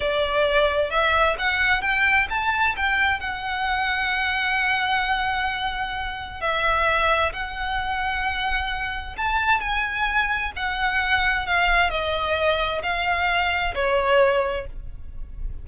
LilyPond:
\new Staff \with { instrumentName = "violin" } { \time 4/4 \tempo 4 = 131 d''2 e''4 fis''4 | g''4 a''4 g''4 fis''4~ | fis''1~ | fis''2 e''2 |
fis''1 | a''4 gis''2 fis''4~ | fis''4 f''4 dis''2 | f''2 cis''2 | }